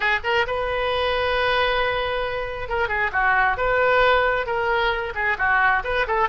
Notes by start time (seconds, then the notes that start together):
0.00 G#4
0.23 A#4
0.46 B4
2.68 A#4
2.88 G#4
3.12 F#4
3.57 B4
4.46 A#4
5.15 G#4
5.38 F#4
5.84 B4
6.07 A4